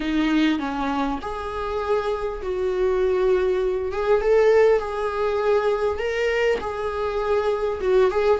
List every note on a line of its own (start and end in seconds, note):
0.00 0.59 D#4
0.59 1.19 C#4
1.21 2.41 G#4
2.42 3.92 F#4
3.92 4.21 G#4
4.21 4.79 A4
4.79 5.98 G#4
5.98 6.58 A#4
6.60 7.80 G#4
7.81 8.11 F#4
8.11 8.39 G#4